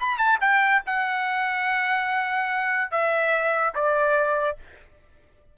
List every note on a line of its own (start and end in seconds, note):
0.00 0.18 B5
0.18 0.39 A5
0.41 0.82 G5
0.86 2.91 F#5
2.91 3.74 E5
3.75 4.58 D5